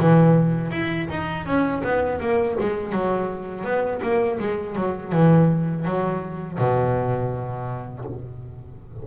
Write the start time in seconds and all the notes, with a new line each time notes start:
0.00 E3
0.72 E4
1.10 D#4
1.46 C#4
1.84 B3
2.21 A#3
2.60 G#3
2.92 F#3
3.65 B3
4.02 A#3
4.39 G#3
4.76 F#3
5.13 E3
5.86 F#3
6.59 B2